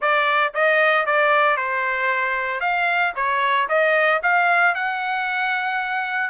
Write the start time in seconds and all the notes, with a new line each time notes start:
0.01 D5
0.54 D#5
1.06 D5
1.56 C5
2.60 F5
3.15 C#5
3.68 D#5
4.22 F5
4.74 F#5